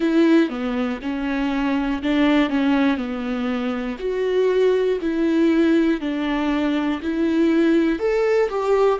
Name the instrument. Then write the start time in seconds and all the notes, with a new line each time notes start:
viola
0.00 E4
0.49 B3
1.01 C#4
2.02 D4
2.50 C#4
2.97 B3
3.99 F#4
5.00 E4
6.00 D4
7.01 E4
7.99 A4
8.49 G4